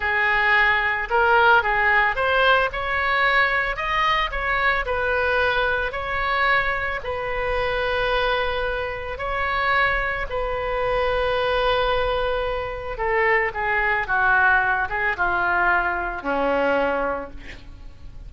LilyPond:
\new Staff \with { instrumentName = "oboe" } { \time 4/4 \tempo 4 = 111 gis'2 ais'4 gis'4 | c''4 cis''2 dis''4 | cis''4 b'2 cis''4~ | cis''4 b'2.~ |
b'4 cis''2 b'4~ | b'1 | a'4 gis'4 fis'4. gis'8 | f'2 cis'2 | }